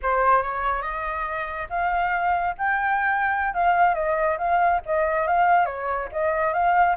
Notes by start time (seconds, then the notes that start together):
0.02 C5
0.42 C#5
0.82 D#5
1.69 F5
2.58 G5
3.54 F5
3.94 D#5
4.38 F5
4.85 D#5
5.27 F5
5.65 C#5
6.12 D#5
6.53 F5